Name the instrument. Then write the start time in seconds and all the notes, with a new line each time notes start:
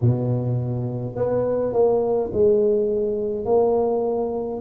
tuba
0.01 B2
1.15 B3
1.73 A#3
2.32 G#3
3.45 A#3